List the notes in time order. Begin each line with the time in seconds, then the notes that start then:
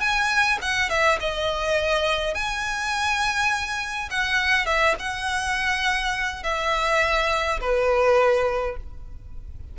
0.00 G#5
0.61 F#5
0.89 E5
1.20 D#5
2.34 G#5
4.10 F#5
4.66 E5
4.99 F#5
6.43 E5
7.60 B4